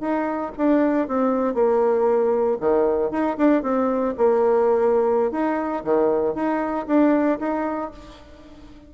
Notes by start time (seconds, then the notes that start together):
0.00 D#4
0.57 D4
1.08 C4
1.54 A#3
2.60 D#3
3.11 D#4
3.37 D4
3.63 C4
4.17 A#3
5.31 D#4
5.84 D#3
6.34 D#4
6.87 D4
7.39 D#4